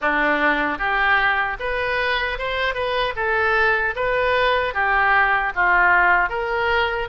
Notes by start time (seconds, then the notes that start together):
0.01 D4
0.78 G4
1.59 B4
2.38 C5
2.74 B4
3.16 A4
3.95 B4
4.74 G4
5.55 F4
6.29 A#4